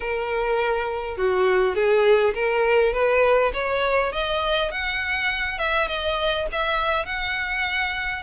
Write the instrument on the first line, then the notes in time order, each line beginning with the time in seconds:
violin
0.00 A#4
1.17 F#4
1.75 G#4
2.34 A#4
2.93 B4
3.53 C#5
4.12 D#5
4.71 F#5
5.58 E5
5.87 D#5
6.52 E5
7.05 F#5